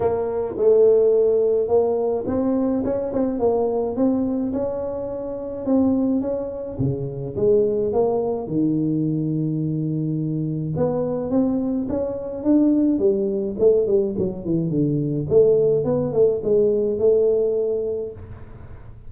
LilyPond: \new Staff \with { instrumentName = "tuba" } { \time 4/4 \tempo 4 = 106 ais4 a2 ais4 | c'4 cis'8 c'8 ais4 c'4 | cis'2 c'4 cis'4 | cis4 gis4 ais4 dis4~ |
dis2. b4 | c'4 cis'4 d'4 g4 | a8 g8 fis8 e8 d4 a4 | b8 a8 gis4 a2 | }